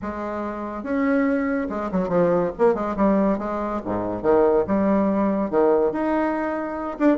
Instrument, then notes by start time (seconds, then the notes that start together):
bassoon
0.02 G#3
0.83 C#4
1.69 G#3
1.91 F#3
2.08 F3
2.58 A#3
2.74 G#3
2.96 G3
3.38 G#3
3.85 G#2
4.22 D#3
4.67 G3
5.50 D#3
5.92 D#4
6.99 D4